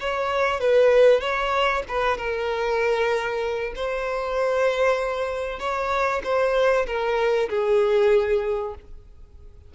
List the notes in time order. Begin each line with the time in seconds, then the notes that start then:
0.00 C#5
0.60 B4
1.20 C#5
1.88 B4
2.17 A#4
3.75 C5
5.59 C#5
6.24 C5
6.86 A#4
7.49 G#4